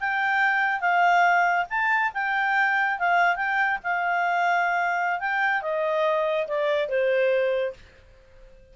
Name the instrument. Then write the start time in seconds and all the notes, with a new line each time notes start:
clarinet
0.00 G5
0.80 F5
1.70 A5
2.14 G5
2.99 F5
3.36 G5
3.84 F5
5.20 G5
5.62 D#5
6.47 D5
6.89 C5